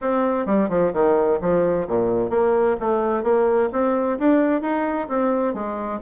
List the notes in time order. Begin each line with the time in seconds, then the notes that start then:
0.01 C4
0.46 G3
0.69 F3
0.93 D#3
1.41 F3
1.87 A#2
2.30 A#3
2.79 A3
3.23 A#3
3.72 C4
4.19 D4
4.61 D#4
5.08 C4
5.54 G#3